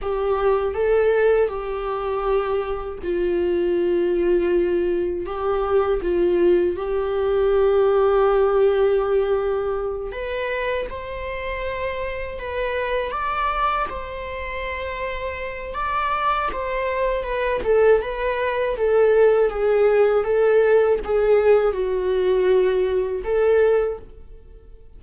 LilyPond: \new Staff \with { instrumentName = "viola" } { \time 4/4 \tempo 4 = 80 g'4 a'4 g'2 | f'2. g'4 | f'4 g'2.~ | g'4. b'4 c''4.~ |
c''8 b'4 d''4 c''4.~ | c''4 d''4 c''4 b'8 a'8 | b'4 a'4 gis'4 a'4 | gis'4 fis'2 a'4 | }